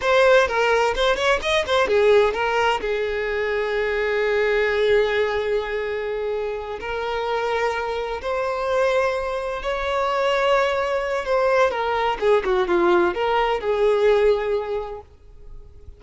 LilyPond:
\new Staff \with { instrumentName = "violin" } { \time 4/4 \tempo 4 = 128 c''4 ais'4 c''8 cis''8 dis''8 c''8 | gis'4 ais'4 gis'2~ | gis'1~ | gis'2~ gis'8 ais'4.~ |
ais'4. c''2~ c''8~ | c''8 cis''2.~ cis''8 | c''4 ais'4 gis'8 fis'8 f'4 | ais'4 gis'2. | }